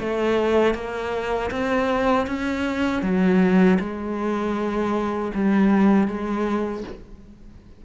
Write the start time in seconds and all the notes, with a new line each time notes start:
0.00 A3
0.75 A#3
1.51 C4
2.27 C#4
3.03 F#3
3.80 G#3
5.35 G3
6.08 G#3